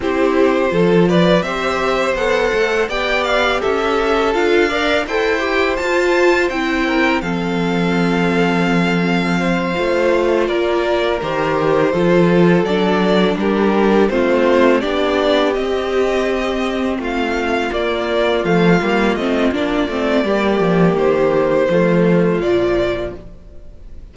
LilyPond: <<
  \new Staff \with { instrumentName = "violin" } { \time 4/4 \tempo 4 = 83 c''4. d''8 e''4 fis''4 | g''8 f''8 e''4 f''4 g''4 | a''4 g''4 f''2~ | f''2~ f''8 d''4 c''8~ |
c''4. d''4 ais'4 c''8~ | c''8 d''4 dis''2 f''8~ | f''8 d''4 f''4 dis''8 d''4~ | d''4 c''2 d''4 | }
  \new Staff \with { instrumentName = "violin" } { \time 4/4 g'4 a'8 b'8 c''2 | d''4 a'4. d''8 c''4~ | c''4. ais'8 a'2~ | a'4 c''4. ais'4.~ |
ais'8 a'2 g'4 f'8~ | f'8 g'2. f'8~ | f'1 | g'2 f'2 | }
  \new Staff \with { instrumentName = "viola" } { \time 4/4 e'4 f'4 g'4 a'4 | g'2 f'8 ais'8 a'8 g'8 | f'4 e'4 c'2~ | c'4. f'2 g'8~ |
g'8 f'4 d'2 c'8~ | c'8 d'4 c'2~ c'8~ | c'8 ais4 a8 ais8 c'8 d'8 c'8 | ais2 a4 f4 | }
  \new Staff \with { instrumentName = "cello" } { \time 4/4 c'4 f4 c'4 b8 a8 | b4 cis'4 d'4 e'4 | f'4 c'4 f2~ | f4. a4 ais4 dis8~ |
dis8 f4 fis4 g4 a8~ | a8 b4 c'2 a8~ | a8 ais4 f8 g8 a8 ais8 a8 | g8 f8 dis4 f4 ais,4 | }
>>